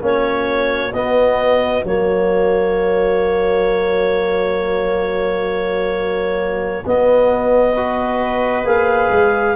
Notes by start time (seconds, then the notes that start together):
0.00 A#3 C#4 F#4 C#5
0.93 B3 D#5
1.84 F#3 A#3 C#5
6.86 B3 D#5
7.75 F#4 B4
8.65 A#3 G#4 F5
9.11 G#3